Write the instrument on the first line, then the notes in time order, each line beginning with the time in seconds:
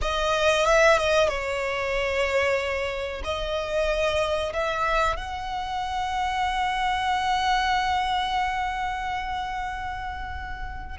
violin
0.01 D#5
0.65 E5
0.97 D#5
1.28 C#5
3.23 D#5
4.53 E5
5.16 F#5